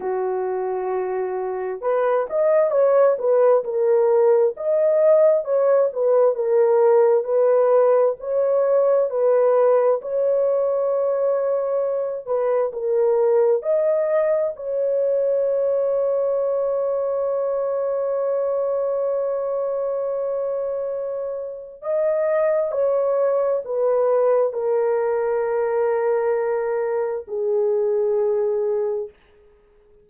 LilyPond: \new Staff \with { instrumentName = "horn" } { \time 4/4 \tempo 4 = 66 fis'2 b'8 dis''8 cis''8 b'8 | ais'4 dis''4 cis''8 b'8 ais'4 | b'4 cis''4 b'4 cis''4~ | cis''4. b'8 ais'4 dis''4 |
cis''1~ | cis''1 | dis''4 cis''4 b'4 ais'4~ | ais'2 gis'2 | }